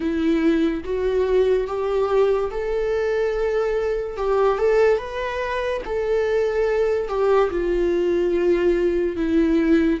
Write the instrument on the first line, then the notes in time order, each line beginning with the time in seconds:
viola
0.00 E4
0.83 F#4
1.67 G4
2.50 A4
4.17 G4
4.58 A4
4.98 B4
5.85 A4
7.08 G4
7.50 F4
9.16 E4